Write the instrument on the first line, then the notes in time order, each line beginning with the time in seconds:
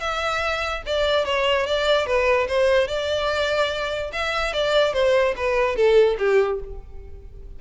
violin
0.00 E5
0.86 D5
1.25 C#5
1.66 D5
2.06 B4
2.48 C5
2.88 D5
4.12 E5
4.53 D5
4.93 C5
5.36 B4
5.76 A4
6.18 G4